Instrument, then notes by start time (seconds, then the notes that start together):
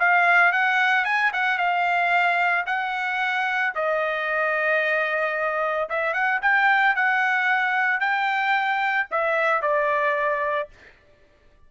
trumpet
0.00 F5
0.53 F#5
1.05 G#5
1.33 F#5
1.58 F5
2.67 F#5
3.75 D#5
5.90 E5
6.14 F#5
6.42 G5
6.96 F#5
8.01 G5
9.11 E5
9.62 D5